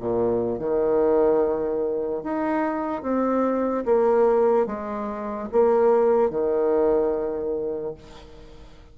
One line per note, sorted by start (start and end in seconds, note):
0.00 0.59 A#2
0.59 2.23 D#3
2.23 3.02 D#4
3.02 3.84 C4
3.85 4.67 A#3
4.67 5.49 G#3
5.52 6.30 A#3
6.30 7.94 D#3